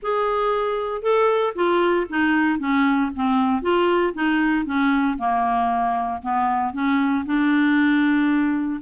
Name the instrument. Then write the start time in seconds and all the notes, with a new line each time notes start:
clarinet
0.02 G#4
1.02 A4
1.55 F4
2.09 D#4
2.59 C#4
3.15 C4
3.62 F4
4.14 D#4
4.65 C#4
5.18 A#3
6.22 B3
6.73 C#4
7.25 D4